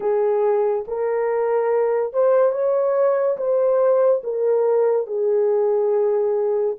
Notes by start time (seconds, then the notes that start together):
0.00 G#4
0.87 A#4
2.13 C5
2.52 C#5
3.37 C5
4.23 A#4
5.07 G#4